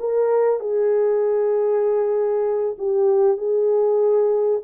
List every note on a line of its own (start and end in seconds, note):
0.00 0.60 A#4
0.60 2.77 G#4
2.79 3.38 G4
3.38 4.61 G#4